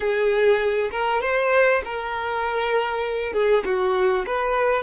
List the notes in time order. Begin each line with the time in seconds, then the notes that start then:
0.00 G#4
0.91 A#4
1.21 C5
1.85 A#4
3.33 G#4
3.64 F#4
4.26 B4